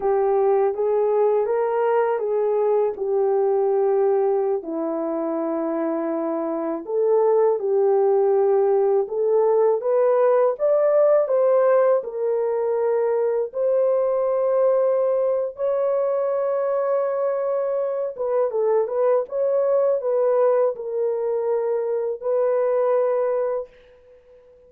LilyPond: \new Staff \with { instrumentName = "horn" } { \time 4/4 \tempo 4 = 81 g'4 gis'4 ais'4 gis'4 | g'2~ g'16 e'4.~ e'16~ | e'4~ e'16 a'4 g'4.~ g'16~ | g'16 a'4 b'4 d''4 c''8.~ |
c''16 ais'2 c''4.~ c''16~ | c''4 cis''2.~ | cis''8 b'8 a'8 b'8 cis''4 b'4 | ais'2 b'2 | }